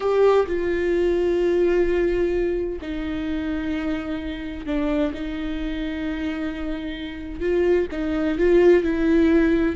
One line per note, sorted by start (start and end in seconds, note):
0.00 0.46 G4
0.46 2.79 F4
2.81 4.66 D#4
4.66 5.12 D4
5.14 7.40 D#4
7.40 7.86 F4
7.91 8.38 D#4
8.38 8.83 F4
8.83 9.75 E4